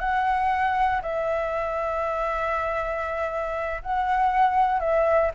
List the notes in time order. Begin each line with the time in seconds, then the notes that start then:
0.00 F#5
1.03 E5
3.83 F#5
4.80 E5